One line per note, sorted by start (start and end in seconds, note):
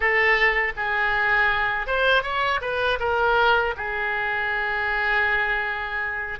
0.00 0.73 A4
0.76 1.86 G#4
1.86 2.22 C5
2.22 2.60 C#5
2.61 2.98 B4
2.99 3.74 A#4
3.76 6.39 G#4